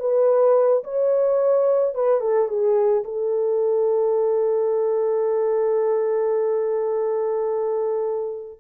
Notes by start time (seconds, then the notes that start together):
0.00 B4
0.84 C#5
1.95 B4
2.21 A4
2.48 G#4
3.05 A4